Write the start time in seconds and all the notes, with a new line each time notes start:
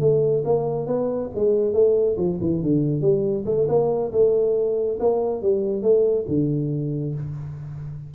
0.00 A3
0.45 A#3
0.86 B3
1.35 G#3
1.73 A3
2.17 F3
2.41 E3
2.62 D3
3.01 G3
3.46 A3
3.68 A#3
4.12 A3
5.00 A#3
5.42 G3
5.82 A3
6.28 D3